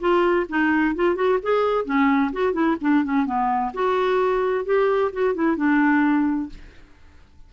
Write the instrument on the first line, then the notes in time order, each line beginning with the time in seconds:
clarinet
0.00 F4
0.49 D#4
0.95 F4
1.16 F#4
1.42 G#4
1.85 C#4
2.33 F#4
2.53 E4
2.81 D4
3.04 C#4
3.26 B3
3.74 F#4
4.65 G4
5.12 F#4
5.35 E4
5.56 D4